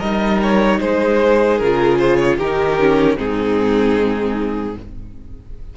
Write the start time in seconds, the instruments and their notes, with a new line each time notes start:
0.00 cello G3, viola D#4, violin A#4 D#5
0.43 violin C#5
0.80 cello G#3, violin G#4 C5
1.59 cello C#3, viola F4, violin A#4
1.99 violin C5
2.17 violin C#5
2.37 cello D#3, violin G4 A#4
2.44 viola D#4
2.80 viola C#4
3.16 cello G#2, viola C4, violin D#4 G#4